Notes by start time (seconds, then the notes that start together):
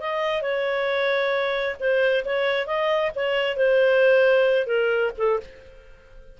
0.00 D#5
0.42 C#5
1.79 C5
2.25 C#5
2.66 D#5
3.15 C#5
3.56 C5
4.66 A#4
5.17 A4